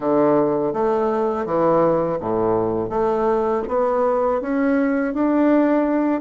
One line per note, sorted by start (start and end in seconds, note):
0.00 0.73 D3
0.73 1.45 A3
1.45 2.18 E3
2.20 2.89 A2
2.89 3.63 A3
3.68 4.41 B3
4.41 5.14 C#4
5.14 6.21 D4